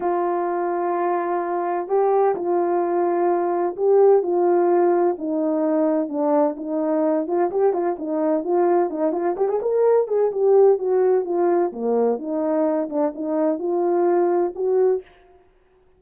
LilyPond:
\new Staff \with { instrumentName = "horn" } { \time 4/4 \tempo 4 = 128 f'1 | g'4 f'2. | g'4 f'2 dis'4~ | dis'4 d'4 dis'4. f'8 |
g'8 f'8 dis'4 f'4 dis'8 f'8 | g'16 gis'16 ais'4 gis'8 g'4 fis'4 | f'4 ais4 dis'4. d'8 | dis'4 f'2 fis'4 | }